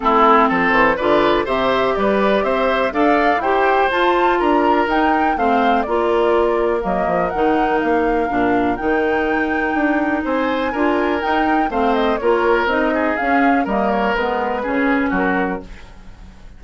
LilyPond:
<<
  \new Staff \with { instrumentName = "flute" } { \time 4/4 \tempo 4 = 123 a'4 c''4 d''4 e''4 | d''4 e''4 f''4 g''4 | a''4 ais''4 g''4 f''4 | d''2 dis''4 fis''4 |
f''2 g''2~ | g''4 gis''2 g''4 | f''8 dis''8 cis''4 dis''4 f''4 | dis''8 cis''8 b'2 ais'4 | }
  \new Staff \with { instrumentName = "oboe" } { \time 4/4 e'4 a'4 b'4 c''4 | b'4 c''4 d''4 c''4~ | c''4 ais'2 c''4 | ais'1~ |
ais'1~ | ais'4 c''4 ais'2 | c''4 ais'4. gis'4. | ais'2 gis'4 fis'4 | }
  \new Staff \with { instrumentName = "clarinet" } { \time 4/4 c'2 f'4 g'4~ | g'2 a'4 g'4 | f'2 dis'4 c'4 | f'2 ais4 dis'4~ |
dis'4 d'4 dis'2~ | dis'2 f'4 dis'4 | c'4 f'4 dis'4 cis'4 | ais4 b4 cis'2 | }
  \new Staff \with { instrumentName = "bassoon" } { \time 4/4 a4 f8 e8 d4 c4 | g4 c'4 d'4 e'4 | f'4 d'4 dis'4 a4 | ais2 fis8 f8 dis4 |
ais4 ais,4 dis2 | d'4 c'4 d'4 dis'4 | a4 ais4 c'4 cis'4 | g4 gis4 cis4 fis4 | }
>>